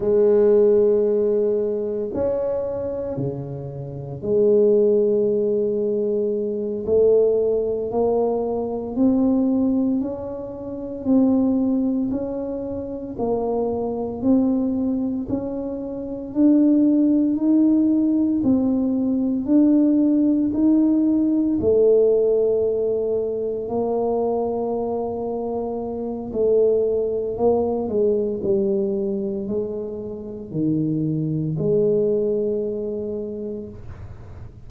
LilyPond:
\new Staff \with { instrumentName = "tuba" } { \time 4/4 \tempo 4 = 57 gis2 cis'4 cis4 | gis2~ gis8 a4 ais8~ | ais8 c'4 cis'4 c'4 cis'8~ | cis'8 ais4 c'4 cis'4 d'8~ |
d'8 dis'4 c'4 d'4 dis'8~ | dis'8 a2 ais4.~ | ais4 a4 ais8 gis8 g4 | gis4 dis4 gis2 | }